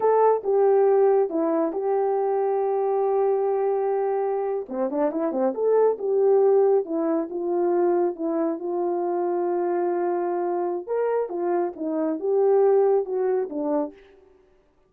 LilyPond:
\new Staff \with { instrumentName = "horn" } { \time 4/4 \tempo 4 = 138 a'4 g'2 e'4 | g'1~ | g'2~ g'8. c'8 d'8 e'16~ | e'16 c'8 a'4 g'2 e'16~ |
e'8. f'2 e'4 f'16~ | f'1~ | f'4 ais'4 f'4 dis'4 | g'2 fis'4 d'4 | }